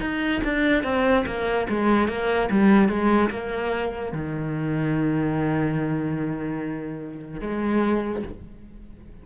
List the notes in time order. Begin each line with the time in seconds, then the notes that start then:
0.00 D#4
0.44 D4
0.83 C4
1.26 A#3
1.69 G#3
2.08 A#3
2.50 G3
2.88 G#3
3.30 A#3
4.12 D#3
7.40 G#3